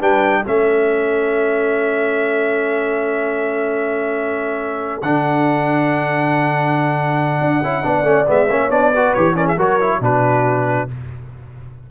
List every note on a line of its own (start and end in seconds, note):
0.00 0.44 G3
0.00 0.44 D4
0.00 0.42 B4
0.00 0.45 G5
0.42 5.02 A3
0.42 5.02 C#4
0.42 7.81 A4
0.42 5.02 E5
5.02 7.40 D3
5.02 7.63 D4
5.02 8.28 F#5
7.40 7.62 D4
7.62 7.84 C#4
7.62 7.82 E4
7.82 8.03 B3
7.82 8.03 D4
7.82 8.49 D5
8.03 8.25 A3
8.03 8.25 C#4
8.27 8.49 G#3
8.27 8.49 B3
8.27 8.70 E5
8.49 8.70 A#3
8.49 8.70 C#4
8.49 8.91 C#5
8.70 9.13 B3
8.70 8.92 D4
8.70 9.14 D5
8.91 9.16 F#4
8.91 9.35 B4
9.14 9.57 E3
9.14 9.34 G4
9.14 9.35 C#5
9.34 9.56 C#4
9.34 9.46 A#4
9.34 9.47 D5
9.46 9.56 G#4
9.46 9.59 E5
9.56 10.00 F#3
9.56 9.80 F#4
9.56 10.00 A#4
9.56 10.03 C#5
9.80 10.01 E4
10.00 10.87 B2
10.00 10.88 D4
10.00 10.89 F#4
10.00 10.90 B4